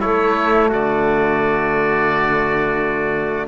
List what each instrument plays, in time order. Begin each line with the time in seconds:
0.00 cello A3, trombone A3, trumpet E4, oboe C#5
0.68 cello D3, trumpet F#4, oboe D5